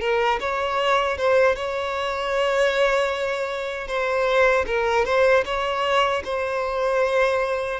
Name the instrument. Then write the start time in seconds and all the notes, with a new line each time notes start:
violin
0.00 A#4
0.40 C#5
1.18 C5
1.55 C#5
3.87 C5
4.66 A#4
5.05 C5
5.45 C#5
6.24 C5